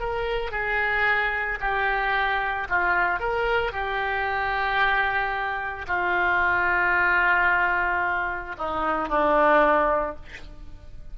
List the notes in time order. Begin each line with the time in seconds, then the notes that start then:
0.00 A#4
0.52 G#4
1.61 G4
2.70 F4
3.20 A#4
3.72 G4
5.88 F4
8.58 D#4
9.09 D4